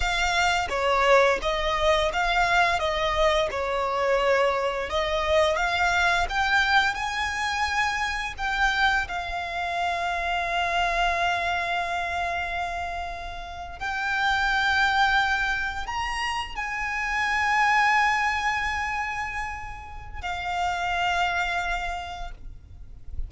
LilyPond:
\new Staff \with { instrumentName = "violin" } { \time 4/4 \tempo 4 = 86 f''4 cis''4 dis''4 f''4 | dis''4 cis''2 dis''4 | f''4 g''4 gis''2 | g''4 f''2.~ |
f''2.~ f''8. g''16~ | g''2~ g''8. ais''4 gis''16~ | gis''1~ | gis''4 f''2. | }